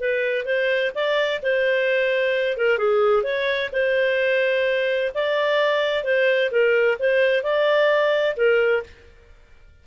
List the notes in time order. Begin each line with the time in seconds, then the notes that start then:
0.00 B4
0.45 C5
0.95 D5
1.42 C5
2.57 A#4
2.78 G#4
3.23 C#5
3.73 C5
5.14 D5
6.04 C5
6.51 A#4
6.99 C5
7.43 D5
8.37 A#4